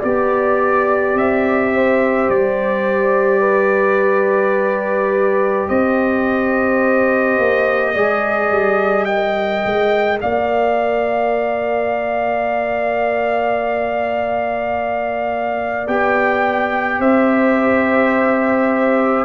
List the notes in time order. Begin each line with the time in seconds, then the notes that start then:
0.00 B3 G4 D5
1.14 C4 E5
1.74 C5
2.29 G3 D5
3.41 B4
5.68 C4 C5 D#5
7.38 A#3
7.94 G#3 G#4 D5
8.51 G3
9.05 A#4 D#5 G5
9.66 G#3
10.21 A#3 D5 F5
15.87 B3 G4 G5
17.00 C4 C5 E5